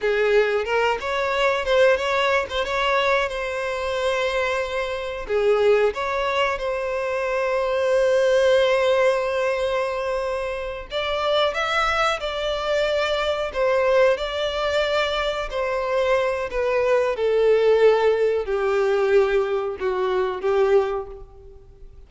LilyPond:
\new Staff \with { instrumentName = "violin" } { \time 4/4 \tempo 4 = 91 gis'4 ais'8 cis''4 c''8 cis''8. c''16 | cis''4 c''2. | gis'4 cis''4 c''2~ | c''1~ |
c''8 d''4 e''4 d''4.~ | d''8 c''4 d''2 c''8~ | c''4 b'4 a'2 | g'2 fis'4 g'4 | }